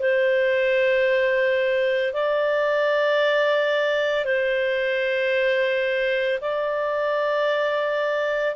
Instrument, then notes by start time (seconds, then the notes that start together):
clarinet
0.00 C5
2.14 D5
4.26 C5
6.41 D5